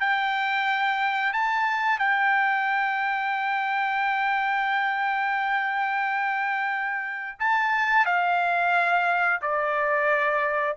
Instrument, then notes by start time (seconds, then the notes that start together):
trumpet
0.00 G5
1.33 A5
1.99 G5
7.40 A5
8.06 F5
9.42 D5